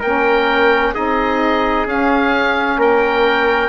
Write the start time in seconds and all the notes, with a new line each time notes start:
0.00 A#3 C#4 A#4 G5
0.94 C4 D#4 G#4 D#5
1.86 C#4 F5
2.78 A#3 A#4 G5